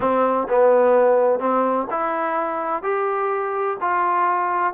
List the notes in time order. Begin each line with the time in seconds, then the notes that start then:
0.00 C4
0.48 B3
1.39 C4
1.90 E4
2.82 G4
3.81 F4